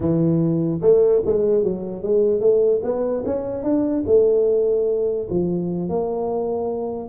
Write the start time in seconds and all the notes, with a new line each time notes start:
0.00 E3
0.81 A3
1.25 G#3
1.63 F#3
2.03 G#3
2.40 A3
2.83 B3
3.25 C#4
3.63 D4
4.06 A3
5.30 F3
5.89 A#3